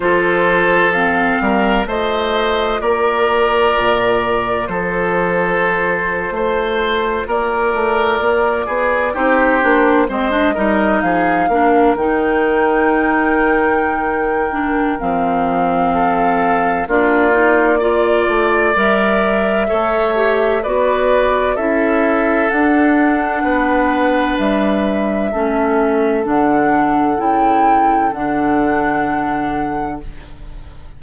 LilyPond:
<<
  \new Staff \with { instrumentName = "flute" } { \time 4/4 \tempo 4 = 64 c''4 f''4 dis''4 d''4~ | d''4 c''2~ c''8. d''16~ | d''4.~ d''16 c''4 dis''4 f''16~ | f''8. g''2.~ g''16 |
f''2 d''2 | e''2 d''4 e''4 | fis''2 e''2 | fis''4 g''4 fis''2 | }
  \new Staff \with { instrumentName = "oboe" } { \time 4/4 a'4. ais'8 c''4 ais'4~ | ais'4 a'4.~ a'16 c''4 ais'16~ | ais'4~ ais'16 gis'8 g'4 c''8 ais'8 gis'16~ | gis'16 ais'2.~ ais'8.~ |
ais'4 a'4 f'4 d''4~ | d''4 cis''4 b'4 a'4~ | a'4 b'2 a'4~ | a'1 | }
  \new Staff \with { instrumentName = "clarinet" } { \time 4/4 f'4 c'4 f'2~ | f'1~ | f'4.~ f'16 dis'8 d'8 c'16 d'16 dis'8.~ | dis'16 d'8 dis'2~ dis'8. d'8 |
c'2 d'8 dis'8 f'4 | ais'4 a'8 g'8 fis'4 e'4 | d'2. cis'4 | d'4 e'4 d'2 | }
  \new Staff \with { instrumentName = "bassoon" } { \time 4/4 f4. g8 a4 ais4 | ais,4 f4.~ f16 a4 ais16~ | ais16 a8 ais8 b8 c'8 ais8 gis8 g8 f16~ | f16 ais8 dis2.~ dis16 |
f2 ais4. a8 | g4 a4 b4 cis'4 | d'4 b4 g4 a4 | d4 cis4 d2 | }
>>